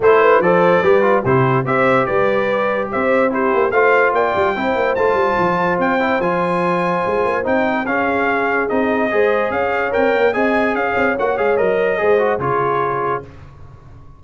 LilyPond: <<
  \new Staff \with { instrumentName = "trumpet" } { \time 4/4 \tempo 4 = 145 c''4 d''2 c''4 | e''4 d''2 e''4 | c''4 f''4 g''2 | a''2 g''4 gis''4~ |
gis''2 g''4 f''4~ | f''4 dis''2 f''4 | g''4 gis''4 f''4 fis''8 f''8 | dis''2 cis''2 | }
  \new Staff \with { instrumentName = "horn" } { \time 4/4 a'8 b'8 c''4 b'4 g'4 | c''4 b'2 c''4 | g'4 c''4 d''4 c''4~ | c''1~ |
c''2. gis'4~ | gis'2 c''4 cis''4~ | cis''4 dis''4 cis''2~ | cis''4 c''4 gis'2 | }
  \new Staff \with { instrumentName = "trombone" } { \time 4/4 e'4 a'4 g'8 f'8 e'4 | g'1 | e'4 f'2 e'4 | f'2~ f'8 e'8 f'4~ |
f'2 dis'4 cis'4~ | cis'4 dis'4 gis'2 | ais'4 gis'2 fis'8 gis'8 | ais'4 gis'8 fis'8 f'2 | }
  \new Staff \with { instrumentName = "tuba" } { \time 4/4 a4 f4 g4 c4 | c'4 g2 c'4~ | c'8 ais8 a4 ais8 g8 c'8 ais8 | a8 g8 f4 c'4 f4~ |
f4 gis8 ais8 c'4 cis'4~ | cis'4 c'4 gis4 cis'4 | c'8 ais8 c'4 cis'8 c'8 ais8 gis8 | fis4 gis4 cis2 | }
>>